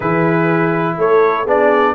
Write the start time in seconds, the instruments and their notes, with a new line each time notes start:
0.00 tuba E3, trombone E4, horn G#4, trumpet B4
0.97 tuba A3, horn A4, trumpet C#5
1.43 tuba B3, trombone D4, horn G#4, trumpet D5